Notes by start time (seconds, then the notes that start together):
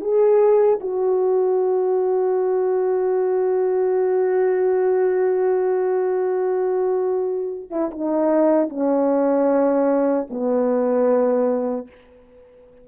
0.00 G#4
0.80 F#4
7.70 E4
7.91 D#4
8.69 C#4
10.30 B3